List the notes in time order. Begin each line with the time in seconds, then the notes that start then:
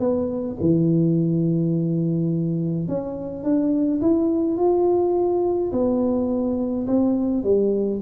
0.00 B3
0.61 E3
2.88 C#4
3.44 D4
4.01 E4
4.58 F4
5.72 B3
6.87 C4
7.44 G3